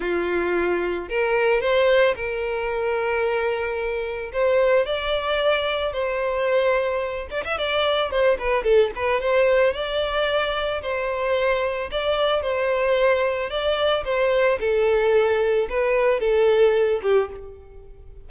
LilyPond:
\new Staff \with { instrumentName = "violin" } { \time 4/4 \tempo 4 = 111 f'2 ais'4 c''4 | ais'1 | c''4 d''2 c''4~ | c''4. d''16 e''16 d''4 c''8 b'8 |
a'8 b'8 c''4 d''2 | c''2 d''4 c''4~ | c''4 d''4 c''4 a'4~ | a'4 b'4 a'4. g'8 | }